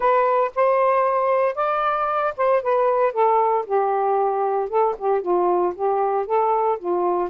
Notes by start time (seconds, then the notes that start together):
0.00 B4
0.55 C5
1.55 D5
2.36 C5
2.62 B4
3.13 A4
3.65 G4
4.69 A4
4.98 G4
5.21 F4
5.75 G4
6.26 A4
6.78 F4